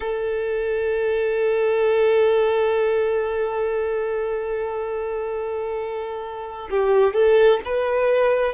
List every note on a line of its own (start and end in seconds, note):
0.00 6.68 A4
6.70 7.13 G4
7.13 7.59 A4
7.64 8.53 B4